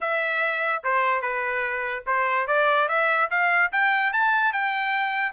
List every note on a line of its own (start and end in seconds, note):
0.00 0.82 E5
0.83 1.21 C5
1.21 2.03 B4
2.06 2.47 C5
2.47 2.88 D5
2.88 3.29 E5
3.30 3.71 F5
3.72 4.12 G5
4.12 4.52 A5
4.52 5.32 G5